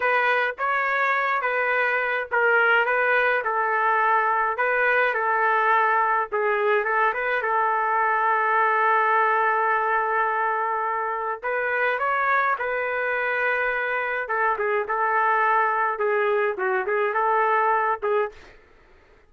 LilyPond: \new Staff \with { instrumentName = "trumpet" } { \time 4/4 \tempo 4 = 105 b'4 cis''4. b'4. | ais'4 b'4 a'2 | b'4 a'2 gis'4 | a'8 b'8 a'2.~ |
a'1 | b'4 cis''4 b'2~ | b'4 a'8 gis'8 a'2 | gis'4 fis'8 gis'8 a'4. gis'8 | }